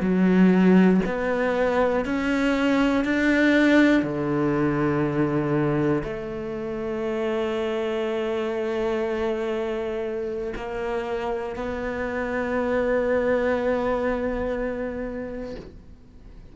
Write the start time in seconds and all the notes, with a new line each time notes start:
0.00 F#3
1.05 B3
2.05 C#4
3.04 D4
4.03 D3
6.03 A3
10.56 A#3
11.55 B3